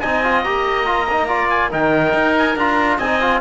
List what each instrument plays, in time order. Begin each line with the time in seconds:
0.00 cello C4, trombone D#4, oboe D#5, trumpet G#5
0.24 trombone F4
0.44 cello A#3, trombone G4, trumpet A#5
0.86 trombone F4
1.11 trombone D#4
1.28 trombone F4, oboe D5
1.50 trumpet G#5
1.71 cello D#3, trombone D#4, oboe A#4, trumpet G5
2.14 cello D#4
2.38 trumpet G#5
2.56 cello D4, trombone F4, trumpet A#5
2.98 cello C4, trombone D#4, oboe D#5, trumpet G#5
3.21 trombone F4